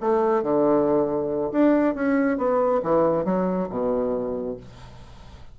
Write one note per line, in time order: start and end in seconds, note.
0.00 0.42 A3
0.42 1.51 D3
1.52 1.94 D4
1.94 2.37 C#4
2.37 2.81 B3
2.82 3.24 E3
3.24 3.68 F#3
3.69 4.56 B2